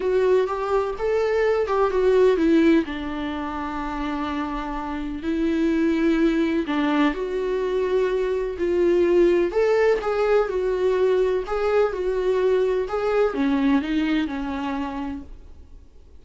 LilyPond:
\new Staff \with { instrumentName = "viola" } { \time 4/4 \tempo 4 = 126 fis'4 g'4 a'4. g'8 | fis'4 e'4 d'2~ | d'2. e'4~ | e'2 d'4 fis'4~ |
fis'2 f'2 | a'4 gis'4 fis'2 | gis'4 fis'2 gis'4 | cis'4 dis'4 cis'2 | }